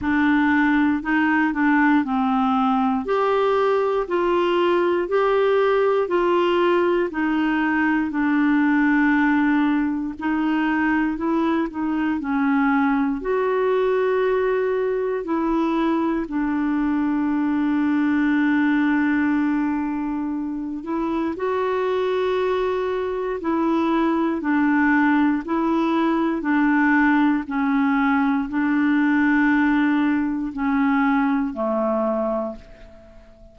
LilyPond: \new Staff \with { instrumentName = "clarinet" } { \time 4/4 \tempo 4 = 59 d'4 dis'8 d'8 c'4 g'4 | f'4 g'4 f'4 dis'4 | d'2 dis'4 e'8 dis'8 | cis'4 fis'2 e'4 |
d'1~ | d'8 e'8 fis'2 e'4 | d'4 e'4 d'4 cis'4 | d'2 cis'4 a4 | }